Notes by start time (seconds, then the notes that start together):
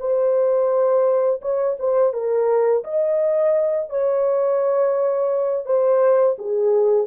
0.00 C5
1.42 C#5
1.79 C5
2.13 A#4
2.84 D#5
3.90 C#5
5.66 C5
6.39 G#4